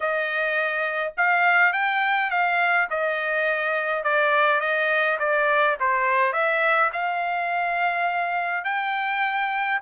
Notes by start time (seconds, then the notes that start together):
0.00 D#5
1.17 F5
1.73 G5
2.30 F5
2.90 D#5
4.03 D5
4.60 D#5
5.19 D5
5.80 C5
6.32 E5
6.93 F5
8.64 G5